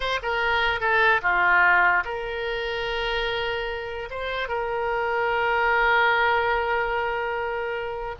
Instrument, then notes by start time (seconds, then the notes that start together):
oboe
0.00 C5
0.22 A#4
0.80 A4
1.21 F4
2.05 A#4
4.10 C5
4.48 A#4